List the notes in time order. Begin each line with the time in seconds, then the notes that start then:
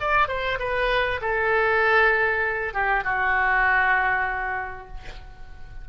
0.00 D5
0.28 C5
0.59 B4
1.21 A4
2.74 G4
3.04 F#4